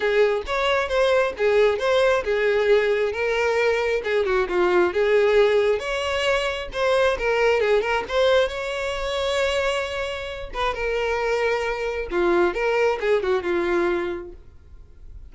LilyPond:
\new Staff \with { instrumentName = "violin" } { \time 4/4 \tempo 4 = 134 gis'4 cis''4 c''4 gis'4 | c''4 gis'2 ais'4~ | ais'4 gis'8 fis'8 f'4 gis'4~ | gis'4 cis''2 c''4 |
ais'4 gis'8 ais'8 c''4 cis''4~ | cis''2.~ cis''8 b'8 | ais'2. f'4 | ais'4 gis'8 fis'8 f'2 | }